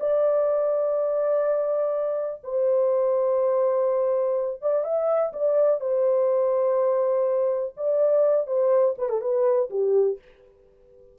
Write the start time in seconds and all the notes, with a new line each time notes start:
0.00 D5
2.43 C5
4.61 D5
4.84 E5
5.32 D5
5.80 C5
7.77 D5
8.47 C5
8.98 B4
9.09 A4
9.21 B4
9.70 G4